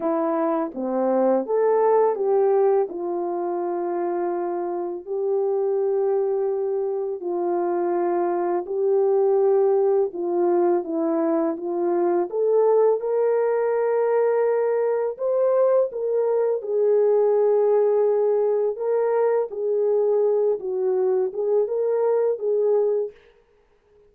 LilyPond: \new Staff \with { instrumentName = "horn" } { \time 4/4 \tempo 4 = 83 e'4 c'4 a'4 g'4 | f'2. g'4~ | g'2 f'2 | g'2 f'4 e'4 |
f'4 a'4 ais'2~ | ais'4 c''4 ais'4 gis'4~ | gis'2 ais'4 gis'4~ | gis'8 fis'4 gis'8 ais'4 gis'4 | }